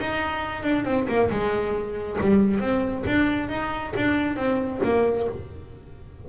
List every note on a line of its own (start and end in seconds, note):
0.00 0.63 D#4
0.63 0.85 D4
0.85 1.07 C4
1.08 1.30 A#3
1.31 2.19 G#3
2.21 2.60 G3
2.60 3.04 C4
3.07 3.49 D4
3.49 3.93 D#4
3.96 4.36 D4
4.36 4.80 C4
4.84 5.28 A#3